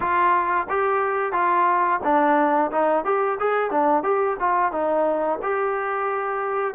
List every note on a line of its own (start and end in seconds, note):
0.00 0.67 F4
0.69 1.32 G4
1.32 1.99 F4
2.03 2.71 D4
2.71 3.04 D#4
3.04 3.38 G4
3.39 3.70 G#4
3.70 4.03 D4
4.03 4.36 G4
4.39 4.72 F4
4.72 5.39 D#4
5.42 6.74 G4